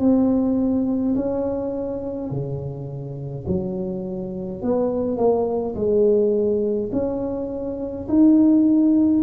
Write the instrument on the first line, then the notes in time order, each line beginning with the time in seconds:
tuba
0.00 C4
1.16 C#4
2.31 C#3
3.48 F#3
4.63 B3
5.18 A#3
5.76 G#3
6.93 C#4
8.09 D#4